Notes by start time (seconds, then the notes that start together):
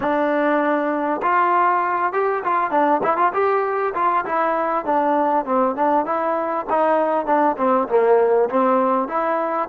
0.00 D4
1.22 F4
2.12 G4
2.44 F4
2.71 D4
3.03 E4
3.17 F4
3.33 G4
3.94 F4
4.25 E4
4.85 D4
5.45 C4
5.75 D4
6.05 E4
6.69 D#4
7.26 D4
7.57 C4
7.88 A#3
8.49 C4
9.08 E4